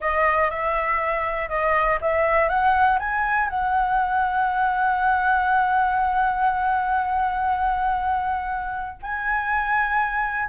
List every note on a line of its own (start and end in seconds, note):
0.00 0.50 D#5
0.50 1.48 E5
1.48 1.98 D#5
2.01 2.48 E5
2.48 2.98 F#5
2.99 3.49 G#5
3.49 8.99 F#5
9.02 10.49 G#5